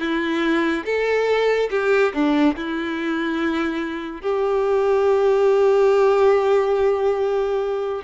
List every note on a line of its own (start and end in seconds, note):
0.00 0.85 E4
0.85 1.69 A4
1.70 2.12 G4
2.13 2.55 D4
2.56 4.21 E4
4.21 8.02 G4